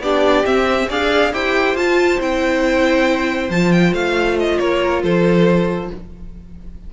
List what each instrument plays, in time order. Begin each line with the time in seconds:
0.00 cello B3, viola D4, violin G4 D5
0.45 viola C4, cello C4, violin E5
0.89 cello D4, viola G#4, violin D5 F5
1.33 cello E4, viola G4, violin C5 G5
1.75 cello F4, viola F4, violin A5
2.20 cello C4, viola E4, violin G5
3.50 cello F3, viola F4, violin A5
3.73 violin G5
3.93 cello A3, violin F5
4.40 violin D#5
4.59 cello A#3, violin A#4 C#5
5.03 cello F3, violin A4 C5